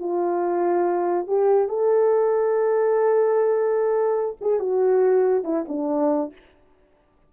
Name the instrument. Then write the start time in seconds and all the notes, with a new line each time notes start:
horn
0.00 F4
1.27 G4
1.69 A4
4.42 G#4
4.60 F#4
5.44 E4
5.69 D4